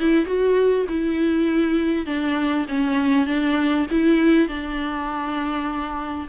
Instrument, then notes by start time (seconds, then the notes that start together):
viola
0.00 E4
0.26 F#4
0.89 E4
2.06 D4
2.69 C#4
3.27 D4
3.91 E4
4.49 D4